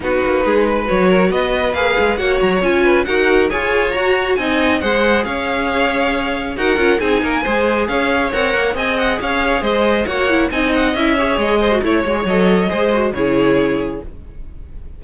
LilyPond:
<<
  \new Staff \with { instrumentName = "violin" } { \time 4/4 \tempo 4 = 137 b'2 cis''4 dis''4 | f''4 fis''8 ais''8 gis''4 fis''4 | gis''4 ais''4 gis''4 fis''4 | f''2. fis''4 |
gis''2 f''4 fis''4 | gis''8 fis''8 f''4 dis''4 fis''4 | gis''8 fis''8 e''4 dis''4 cis''4 | dis''2 cis''2 | }
  \new Staff \with { instrumentName = "violin" } { \time 4/4 fis'4 gis'8 b'4 ais'8 b'4~ | b'4 cis''4. b'8 ais'4 | cis''2 dis''4 c''4 | cis''2. ais'4 |
gis'8 ais'8 c''4 cis''2 | dis''4 cis''4 c''4 cis''4 | dis''4. cis''4 c''8 cis''4~ | cis''4 c''4 gis'2 | }
  \new Staff \with { instrumentName = "viola" } { \time 4/4 dis'2 fis'2 | gis'4 fis'4 f'4 fis'4 | gis'4 fis'4 dis'4 gis'4~ | gis'2. fis'8 f'8 |
dis'4 gis'2 ais'4 | gis'2. fis'8 e'8 | dis'4 e'8 gis'4~ gis'16 fis'16 e'8 fis'16 gis'16 | a'4 gis'8 fis'8 e'2 | }
  \new Staff \with { instrumentName = "cello" } { \time 4/4 b8 ais8 gis4 fis4 b4 | ais8 gis8 ais8 fis8 cis'4 dis'4 | f'4 fis'4 c'4 gis4 | cis'2. dis'8 cis'8 |
c'8 ais8 gis4 cis'4 c'8 ais8 | c'4 cis'4 gis4 ais4 | c'4 cis'4 gis4 a8 gis8 | fis4 gis4 cis2 | }
>>